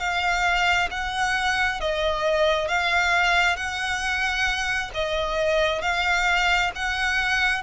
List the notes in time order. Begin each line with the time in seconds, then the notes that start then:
0.00 F5
0.91 F#5
1.81 D#5
2.69 F5
3.57 F#5
4.95 D#5
5.82 F5
6.76 F#5